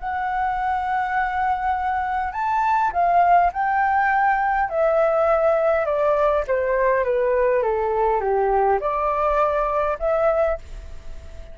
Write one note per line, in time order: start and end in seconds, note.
0.00 2.33 F#5
2.33 2.92 A5
2.93 3.52 F5
3.53 4.70 G5
4.70 5.86 E5
5.86 6.45 D5
6.48 7.05 C5
7.05 7.63 B4
7.63 8.21 A4
8.21 8.80 G4
8.81 9.98 D5
10.00 10.59 E5